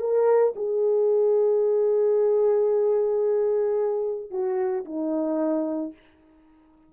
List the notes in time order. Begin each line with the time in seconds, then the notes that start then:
0.00 A#4
0.56 G#4
4.31 F#4
4.85 D#4